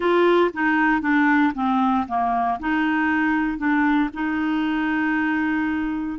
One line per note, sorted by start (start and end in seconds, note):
0.00 0.51 F4
0.53 1.01 D#4
1.01 1.52 D4
1.54 2.06 C4
2.07 2.59 A#3
2.59 3.57 D#4
3.57 4.09 D4
4.13 6.19 D#4